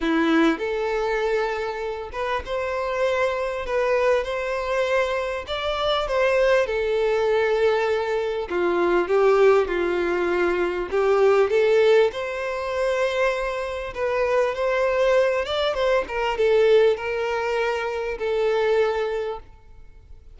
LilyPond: \new Staff \with { instrumentName = "violin" } { \time 4/4 \tempo 4 = 99 e'4 a'2~ a'8 b'8 | c''2 b'4 c''4~ | c''4 d''4 c''4 a'4~ | a'2 f'4 g'4 |
f'2 g'4 a'4 | c''2. b'4 | c''4. d''8 c''8 ais'8 a'4 | ais'2 a'2 | }